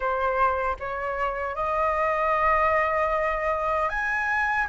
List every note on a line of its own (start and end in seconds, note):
0.00 0.76 C5
0.79 1.55 C#5
1.55 3.89 D#5
3.89 4.67 G#5